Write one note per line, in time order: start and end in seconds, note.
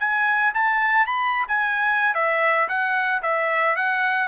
0.00 0.54 G#5
0.55 1.07 A5
1.07 1.47 B5
1.48 2.15 G#5
2.15 2.68 E5
2.69 3.22 F#5
3.23 3.76 E5
3.76 4.28 F#5